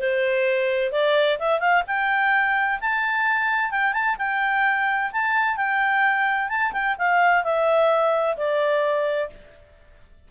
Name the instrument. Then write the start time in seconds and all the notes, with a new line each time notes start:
clarinet
0.00 C5
0.92 D5
1.40 E5
1.60 F5
1.87 G5
2.81 A5
3.71 G5
3.94 A5
4.19 G5
5.13 A5
5.57 G5
6.49 A5
6.73 G5
6.99 F5
7.44 E5
8.37 D5